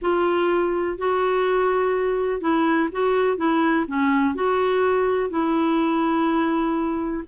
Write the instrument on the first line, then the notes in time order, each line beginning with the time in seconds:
clarinet
0.01 F4
0.98 F#4
2.40 E4
2.91 F#4
3.37 E4
3.87 C#4
4.34 F#4
5.30 E4